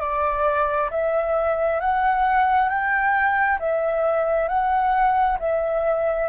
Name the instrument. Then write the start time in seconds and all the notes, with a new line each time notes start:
flute
0.00 D5
0.90 E5
1.80 F#5
2.69 G5
3.59 E5
4.48 F#5
5.39 E5